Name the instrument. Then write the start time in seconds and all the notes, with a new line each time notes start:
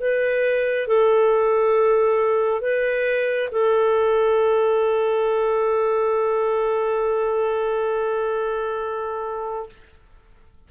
clarinet
0.00 B4
0.88 A4
2.61 B4
3.52 A4